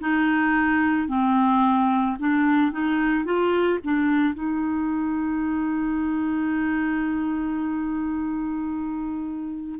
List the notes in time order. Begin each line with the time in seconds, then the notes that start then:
0.00 D#4
1.08 C4
2.19 D4
2.71 D#4
3.24 F4
3.84 D4
4.34 D#4